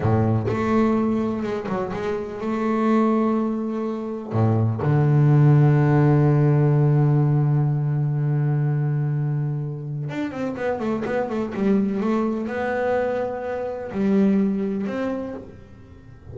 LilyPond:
\new Staff \with { instrumentName = "double bass" } { \time 4/4 \tempo 4 = 125 a,4 a2 gis8 fis8 | gis4 a2.~ | a4 a,4 d2~ | d1~ |
d1~ | d4 d'8 c'8 b8 a8 b8 a8 | g4 a4 b2~ | b4 g2 c'4 | }